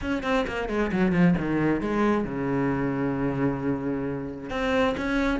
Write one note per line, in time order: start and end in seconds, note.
0.01 0.23 C#4
0.23 0.45 C4
0.47 0.68 A#3
0.68 0.91 G#3
0.92 1.12 F#3
1.12 1.34 F3
1.38 1.80 D#3
1.80 2.24 G#3
2.24 4.49 C#3
4.50 4.95 C4
4.97 5.39 C#4